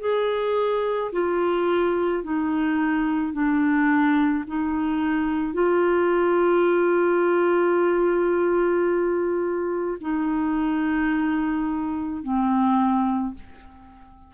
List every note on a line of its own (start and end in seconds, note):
0.00 1.11 G#4
1.12 2.23 F4
2.23 3.33 D#4
3.33 4.44 D4
4.46 5.53 D#4
5.53 9.97 F4
10.01 12.23 D#4
12.23 13.34 C4